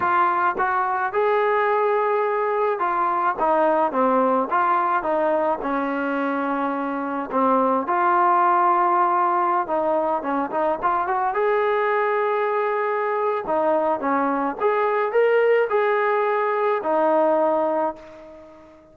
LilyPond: \new Staff \with { instrumentName = "trombone" } { \time 4/4 \tempo 4 = 107 f'4 fis'4 gis'2~ | gis'4 f'4 dis'4 c'4 | f'4 dis'4 cis'2~ | cis'4 c'4 f'2~ |
f'4~ f'16 dis'4 cis'8 dis'8 f'8 fis'16~ | fis'16 gis'2.~ gis'8. | dis'4 cis'4 gis'4 ais'4 | gis'2 dis'2 | }